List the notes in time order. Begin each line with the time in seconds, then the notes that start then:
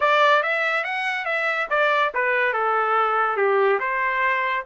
0.00 D5
0.42 E5
0.84 F#5
1.25 E5
1.70 D5
2.14 B4
2.53 A4
3.36 G4
3.79 C5